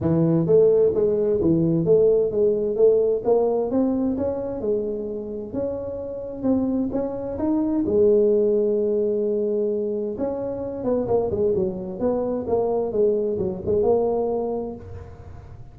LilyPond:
\new Staff \with { instrumentName = "tuba" } { \time 4/4 \tempo 4 = 130 e4 a4 gis4 e4 | a4 gis4 a4 ais4 | c'4 cis'4 gis2 | cis'2 c'4 cis'4 |
dis'4 gis2.~ | gis2 cis'4. b8 | ais8 gis8 fis4 b4 ais4 | gis4 fis8 gis8 ais2 | }